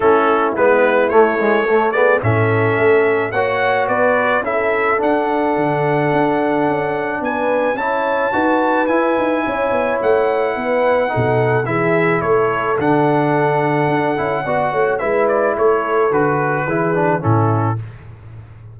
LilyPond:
<<
  \new Staff \with { instrumentName = "trumpet" } { \time 4/4 \tempo 4 = 108 a'4 b'4 cis''4. d''8 | e''2 fis''4 d''4 | e''4 fis''2.~ | fis''4 gis''4 a''2 |
gis''2 fis''2~ | fis''4 e''4 cis''4 fis''4~ | fis''2. e''8 d''8 | cis''4 b'2 a'4 | }
  \new Staff \with { instrumentName = "horn" } { \time 4/4 e'2. a'8 gis'8 | a'2 cis''4 b'4 | a'1~ | a'4 b'4 cis''4 b'4~ |
b'4 cis''2 b'4 | a'4 gis'4 a'2~ | a'2 d''8 cis''8 b'4 | a'2 gis'4 e'4 | }
  \new Staff \with { instrumentName = "trombone" } { \time 4/4 cis'4 b4 a8 gis8 a8 b8 | cis'2 fis'2 | e'4 d'2.~ | d'2 e'4 fis'4 |
e'1 | dis'4 e'2 d'4~ | d'4. e'8 fis'4 e'4~ | e'4 fis'4 e'8 d'8 cis'4 | }
  \new Staff \with { instrumentName = "tuba" } { \time 4/4 a4 gis4 a2 | a,4 a4 ais4 b4 | cis'4 d'4 d4 d'4 | cis'4 b4 cis'4 dis'4 |
e'8 dis'8 cis'8 b8 a4 b4 | b,4 e4 a4 d4~ | d4 d'8 cis'8 b8 a8 gis4 | a4 d4 e4 a,4 | }
>>